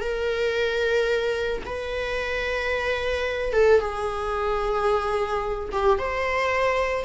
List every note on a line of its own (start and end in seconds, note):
0.00 1.62 A#4
1.66 3.53 B4
3.53 3.80 A4
3.80 5.69 G#4
5.71 5.98 G4
5.98 7.04 C5